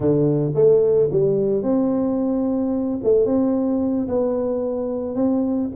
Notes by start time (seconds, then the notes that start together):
0.00 D3
0.55 A3
1.11 G3
1.62 C4
3.03 A3
3.25 C4
4.08 B3
5.15 C4